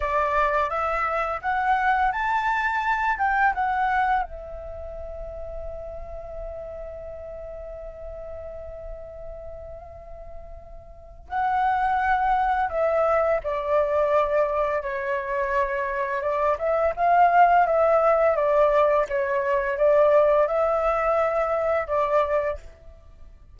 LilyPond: \new Staff \with { instrumentName = "flute" } { \time 4/4 \tempo 4 = 85 d''4 e''4 fis''4 a''4~ | a''8 g''8 fis''4 e''2~ | e''1~ | e''1 |
fis''2 e''4 d''4~ | d''4 cis''2 d''8 e''8 | f''4 e''4 d''4 cis''4 | d''4 e''2 d''4 | }